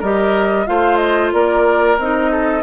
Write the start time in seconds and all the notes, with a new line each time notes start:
0.00 G3 G4 A#4 D#5
0.66 A3 F4 C5 F5
0.97 D#5
1.33 A#3 A#4 D5
1.98 C4 D#4 D#5
2.32 A4